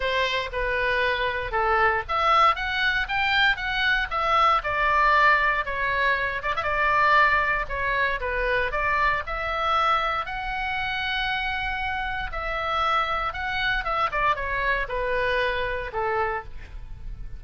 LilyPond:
\new Staff \with { instrumentName = "oboe" } { \time 4/4 \tempo 4 = 117 c''4 b'2 a'4 | e''4 fis''4 g''4 fis''4 | e''4 d''2 cis''4~ | cis''8 d''16 e''16 d''2 cis''4 |
b'4 d''4 e''2 | fis''1 | e''2 fis''4 e''8 d''8 | cis''4 b'2 a'4 | }